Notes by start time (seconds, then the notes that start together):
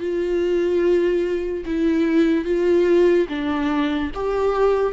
0.00 F4
1.66 E4
2.45 F4
3.29 D4
4.15 G4